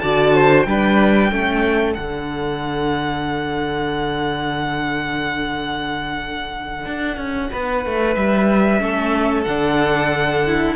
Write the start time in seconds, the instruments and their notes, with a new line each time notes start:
0.00 cello D3, viola F#4, violin D5 A5
0.35 violin C5
0.63 cello G3, viola D4, violin B4 G5
1.31 cello A3, viola C#4, violin A4
1.95 cello D3, viola D4, violin F#5
6.87 cello D4
7.17 cello C#4
7.51 cello B3, violin B4
7.86 cello A3
8.16 cello G3, violin E5
8.80 cello A3, viola C#4, violin A4
9.44 cello D3, viola D4, violin F#5
10.47 viola E4